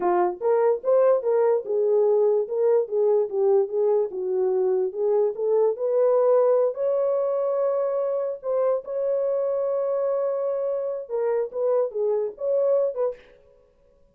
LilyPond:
\new Staff \with { instrumentName = "horn" } { \time 4/4 \tempo 4 = 146 f'4 ais'4 c''4 ais'4 | gis'2 ais'4 gis'4 | g'4 gis'4 fis'2 | gis'4 a'4 b'2~ |
b'8 cis''2.~ cis''8~ | cis''8 c''4 cis''2~ cis''8~ | cis''2. ais'4 | b'4 gis'4 cis''4. b'8 | }